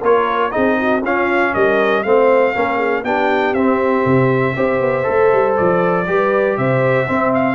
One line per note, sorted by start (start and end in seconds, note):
0.00 0.53 A#3
0.00 0.51 F4
0.00 0.50 A#4
0.00 0.51 C#5
0.51 1.03 C4
0.51 1.01 D#4
0.51 0.77 G#4
0.51 1.01 D#5
0.80 1.03 F#4
1.03 1.53 C#4
1.03 2.04 C#4
1.03 1.53 F4
1.03 1.54 F5
1.53 2.04 G3
1.53 2.04 A#4
1.53 2.03 D#5
2.03 2.55 A3
2.03 2.54 C4
2.03 2.54 C5
2.03 3.04 F5
2.54 3.03 A#3
2.54 3.04 C#4
2.54 2.76 A#4
2.76 3.01 G#4
3.03 3.53 B3
3.03 3.55 D4
3.03 4.55 G4
3.03 3.54 G5
3.53 4.03 C4
3.53 4.56 C4
3.53 5.56 E5
4.05 4.56 C3
4.55 4.80 C4
4.55 5.03 G4
4.55 6.07 C5
4.80 5.05 B3
5.03 5.32 A3
5.03 6.04 A4
5.32 5.58 G3
5.56 6.08 F3
5.56 6.57 D5
6.06 6.57 G3
6.06 7.07 G4
6.06 6.57 B4
6.57 7.08 C3
6.57 7.07 C5
6.57 7.32 E5
7.07 7.55 C4
7.07 7.55 E5
7.34 7.55 F5